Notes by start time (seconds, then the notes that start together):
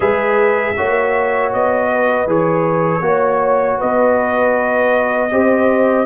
0.00 G#3 G#4 B4 E5
0.76 A#3 F#4 C#5
1.53 B3 D#5
1.91 B4
2.26 E3 G#4 C#5
3.00 A#3 F#4 C#5
3.78 B3 B4 D#5
5.31 C4 G4 C5